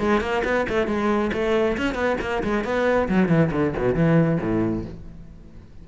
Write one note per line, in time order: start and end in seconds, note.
0.00 0.21 G#3
0.21 0.43 A#3
0.45 0.67 B3
0.70 0.87 A3
0.87 1.32 G#3
1.34 1.78 A3
1.78 1.95 C#4
1.95 2.17 B3
2.21 2.43 A#3
2.44 2.65 G#3
2.65 3.09 B3
3.09 3.29 F#3
3.29 3.51 E3
3.53 3.75 D3
3.78 3.95 B2
3.95 4.39 E3
4.42 4.86 A2